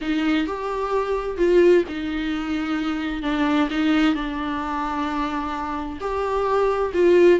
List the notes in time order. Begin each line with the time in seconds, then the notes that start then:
0.01 D#4
0.46 G4
1.37 F4
1.88 D#4
3.22 D4
3.70 D#4
4.14 D4
6.00 G4
6.93 F4